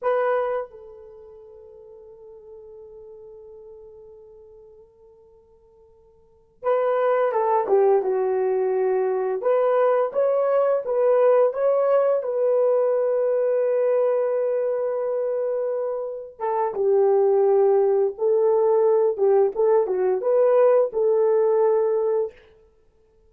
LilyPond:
\new Staff \with { instrumentName = "horn" } { \time 4/4 \tempo 4 = 86 b'4 a'2.~ | a'1~ | a'4. b'4 a'8 g'8 fis'8~ | fis'4. b'4 cis''4 b'8~ |
b'8 cis''4 b'2~ b'8~ | b'2.~ b'8 a'8 | g'2 a'4. g'8 | a'8 fis'8 b'4 a'2 | }